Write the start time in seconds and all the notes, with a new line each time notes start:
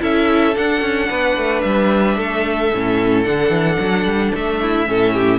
0.00 C#4 E4 A4 E5
0.55 D4 F#5
0.82 C#4
1.10 B3 B4
1.37 A3
1.61 G3 E5
2.18 A3 A4
2.73 A2 C#4
3.25 D3 D4 F#5
3.50 E3
3.80 F#3
4.06 G3
4.35 A3 E5
4.62 E4
4.87 A2 C#4 A4
5.14 G4